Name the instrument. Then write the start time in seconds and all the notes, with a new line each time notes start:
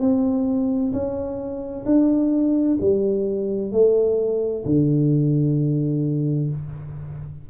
tuba
0.00 C4
0.93 C#4
1.85 D4
2.81 G3
3.72 A3
4.65 D3